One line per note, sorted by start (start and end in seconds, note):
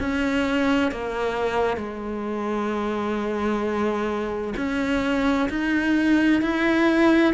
0.00 0.91 C#4
0.91 1.77 A#3
1.77 4.54 G#3
4.57 5.49 C#4
5.50 6.42 D#4
6.42 7.34 E4